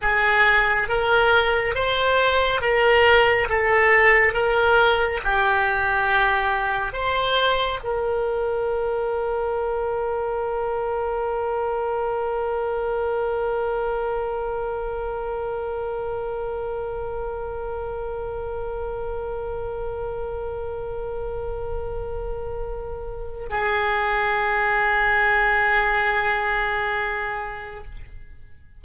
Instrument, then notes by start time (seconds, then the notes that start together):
oboe
0.01 G#4
0.88 A#4
1.74 C5
2.61 A#4
3.49 A4
4.33 A#4
5.24 G4
6.92 C5
7.83 A#4
23.49 G#4